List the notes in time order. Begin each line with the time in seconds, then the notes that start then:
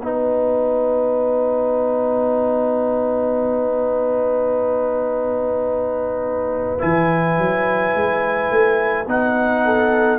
0.00 B3 D#4 B4 F#5
6.78 E3 E4 G#5
7.37 F#3
7.94 G#3
8.50 A3
9.07 B3 D#4 F#5
9.64 A4